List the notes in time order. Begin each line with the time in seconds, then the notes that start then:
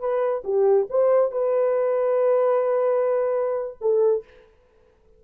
0.00 B4
0.44 G4
0.90 C5
1.32 B4
3.81 A4